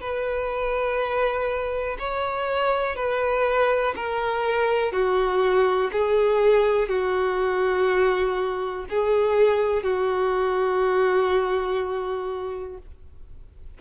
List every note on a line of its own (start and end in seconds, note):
0.00 1.97 B4
1.99 2.96 C#5
2.96 3.94 B4
3.96 4.92 A#4
4.92 5.90 F#4
5.92 6.89 G#4
6.89 8.85 F#4
8.90 9.83 G#4
9.83 12.78 F#4